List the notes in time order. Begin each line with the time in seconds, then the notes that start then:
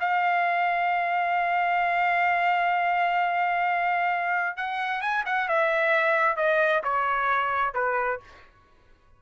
0.00 F5
4.57 F#5
5.01 G#5
5.25 F#5
5.48 E5
6.36 D#5
6.84 C#5
7.74 B4